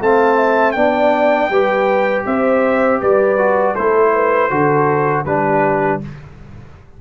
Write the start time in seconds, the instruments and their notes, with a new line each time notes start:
0.00 tuba A3, trombone C4, horn F5, trumpet A5
0.37 horn E5
0.71 tuba B3, trombone D4, horn D5, trumpet G5
1.49 tuba G3, trombone G4, horn B4
2.25 tuba C4, horn C5, trumpet E5
3.00 tuba G3, horn B4, trumpet D5
3.37 trombone F#4
3.74 tuba A3, trombone E4, horn A4, trumpet C5
4.13 horn B4
4.50 tuba D3, trombone F#4, horn A4
5.25 tuba G3, trombone D4, horn G4, trumpet B4